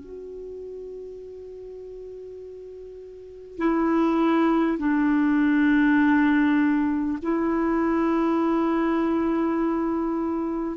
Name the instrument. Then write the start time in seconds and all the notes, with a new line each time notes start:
clarinet
0.00 F#4
3.58 E4
4.78 D4
7.22 E4